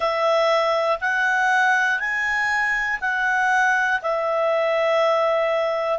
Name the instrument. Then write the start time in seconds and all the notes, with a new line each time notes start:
clarinet
0.00 E5
1.00 F#5
1.99 G#5
3.00 F#5
4.01 E5